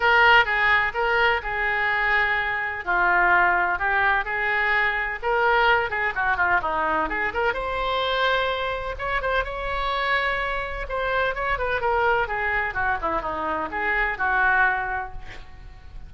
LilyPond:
\new Staff \with { instrumentName = "oboe" } { \time 4/4 \tempo 4 = 127 ais'4 gis'4 ais'4 gis'4~ | gis'2 f'2 | g'4 gis'2 ais'4~ | ais'8 gis'8 fis'8 f'8 dis'4 gis'8 ais'8 |
c''2. cis''8 c''8 | cis''2. c''4 | cis''8 b'8 ais'4 gis'4 fis'8 e'8 | dis'4 gis'4 fis'2 | }